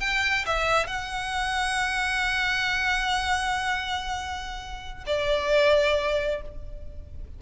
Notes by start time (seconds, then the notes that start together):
0.00 G5
0.46 E5
0.87 F#5
5.06 D5